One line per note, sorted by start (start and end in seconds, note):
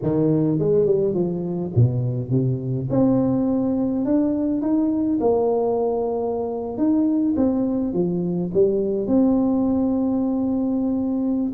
0.02 0.58 D#3
0.58 0.85 G#3
0.85 1.14 G3
1.14 1.71 F3
1.75 2.30 B2
2.30 2.88 C3
2.90 4.05 C4
4.05 4.61 D4
4.61 5.19 D#4
5.20 6.77 A#3
6.77 7.35 D#4
7.36 7.93 C4
7.93 8.50 F3
8.53 9.07 G3
9.07 11.52 C4